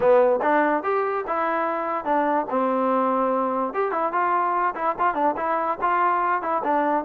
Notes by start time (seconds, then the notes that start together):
0.00 B3
0.42 D4
0.83 G4
1.27 E4
2.04 D4
2.49 C4
3.73 G4
3.91 E4
4.12 F4
4.75 E4
4.98 F4
5.14 D4
5.37 E4
5.81 F4
6.41 E4
6.63 D4